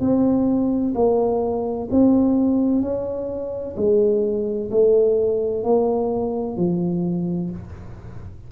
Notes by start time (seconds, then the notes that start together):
0.00 C4
0.95 A#3
1.91 C4
2.82 C#4
3.76 G#3
4.71 A3
5.63 A#3
6.57 F3